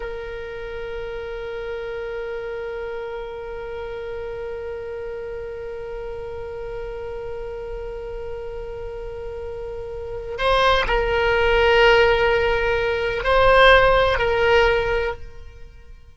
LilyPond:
\new Staff \with { instrumentName = "oboe" } { \time 4/4 \tempo 4 = 127 ais'1~ | ais'1~ | ais'1~ | ais'1~ |
ais'1~ | ais'2 c''4 ais'4~ | ais'1 | c''2 ais'2 | }